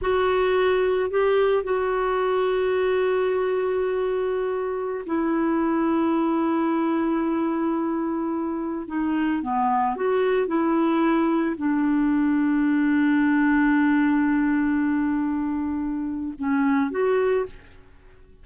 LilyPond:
\new Staff \with { instrumentName = "clarinet" } { \time 4/4 \tempo 4 = 110 fis'2 g'4 fis'4~ | fis'1~ | fis'4~ fis'16 e'2~ e'8.~ | e'1~ |
e'16 dis'4 b4 fis'4 e'8.~ | e'4~ e'16 d'2~ d'8.~ | d'1~ | d'2 cis'4 fis'4 | }